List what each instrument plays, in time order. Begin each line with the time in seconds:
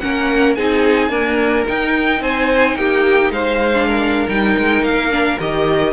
0.00 cello A#3, viola C#4, violin A#4 F#5
0.55 cello C4, viola D#4, violin G#4 G#5
1.10 viola A#3, cello D4, violin A#4
1.67 viola D#4, cello D#4, violin G5
2.21 cello C4, violin C5 G#5
2.76 cello A#3, violin G4 G5
3.31 cello G#3, violin C5 F5
3.74 viola D4
3.87 violin A#4
4.29 cello G3, viola D#4, violin G5
4.58 cello G#3
4.82 cello A#3, violin F5
5.11 viola D4
5.41 cello D#3, viola G4, violin D#5